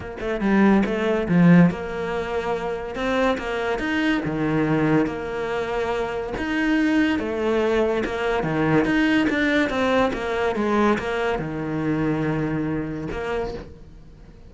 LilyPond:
\new Staff \with { instrumentName = "cello" } { \time 4/4 \tempo 4 = 142 ais8 a8 g4 a4 f4 | ais2. c'4 | ais4 dis'4 dis2 | ais2. dis'4~ |
dis'4 a2 ais4 | dis4 dis'4 d'4 c'4 | ais4 gis4 ais4 dis4~ | dis2. ais4 | }